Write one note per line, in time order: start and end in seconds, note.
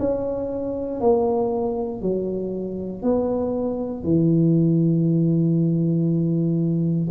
0.00 1.01 C#4
1.01 2.02 A#3
2.02 3.03 F#3
3.03 4.04 B3
4.04 7.09 E3